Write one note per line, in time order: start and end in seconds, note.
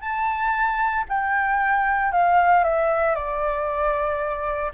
0.00 1.04 A5
1.08 2.12 G5
2.12 2.64 F5
2.64 3.15 E5
3.15 4.71 D5